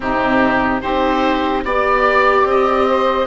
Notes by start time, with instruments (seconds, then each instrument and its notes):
0.00 bassoon C3, viola C4, saxophone D#4, oboe G4
0.81 bassoon C4, viola D#4, saxophone G4, oboe C5
1.64 bassoon B3, viola G4, saxophone D5, oboe D5
2.44 bassoon C4, oboe D#5
2.87 saxophone C5